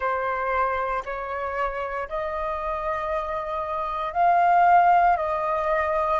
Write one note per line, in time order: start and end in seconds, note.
0.00 1.03 C5
1.05 2.08 C#5
2.08 4.13 D#5
4.13 5.16 F5
5.17 6.20 D#5